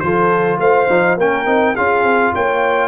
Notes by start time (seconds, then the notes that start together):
0.00 F3 F4 A4 C5
0.58 A3 C5 F5
0.89 F3 D#4
1.18 A#3 C#4 A#4 G5
1.46 C4 D#4
1.75 C#4 F4 G#4 F5
2.03 C4
2.34 A#3 C#5 G5